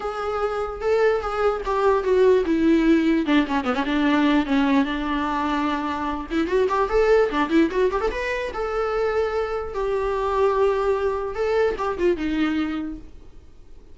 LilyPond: \new Staff \with { instrumentName = "viola" } { \time 4/4 \tempo 4 = 148 gis'2 a'4 gis'4 | g'4 fis'4 e'2 | d'8 cis'8 b16 cis'16 d'4. cis'4 | d'2.~ d'8 e'8 |
fis'8 g'8 a'4 d'8 e'8 fis'8 g'16 a'16 | b'4 a'2. | g'1 | a'4 g'8 f'8 dis'2 | }